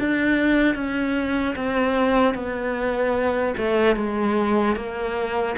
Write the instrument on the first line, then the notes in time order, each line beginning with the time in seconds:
cello
0.00 D4
0.75 C#4
1.56 C4
2.35 B3
3.57 A3
3.96 G#3
4.76 A#3